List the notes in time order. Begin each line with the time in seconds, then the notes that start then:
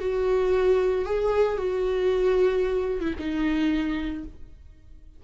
0.00 F#4
1.05 G#4
1.58 F#4
3.01 E4
3.19 D#4